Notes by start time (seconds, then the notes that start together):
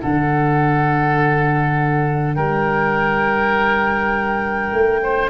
0.00 D3 D4 A4 F#5
2.34 G3 A#4 G5
4.73 A3
5.03 C5